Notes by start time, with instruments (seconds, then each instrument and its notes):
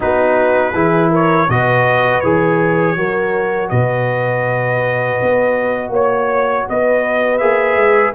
0.00 tuba B3, trombone D#4, horn F#4, trumpet B4
0.73 tuba E3, trombone E4, horn G#4
1.09 horn A#4, trumpet C#5
1.48 tuba B2, trombone F#4, horn B4, trumpet D#5
2.20 tuba E3, trombone G#4, trumpet C#5
2.96 tuba F#3, trombone F#4, horn A#4
3.69 tuba B2, horn B4, trumpet D#5
5.22 tuba B3
5.89 tuba A#3, horn C#5, trumpet C#5
6.69 tuba B3, horn B4, trumpet D#5
7.38 tuba A#3, trombone G#4, trumpet E5
7.75 tuba G#3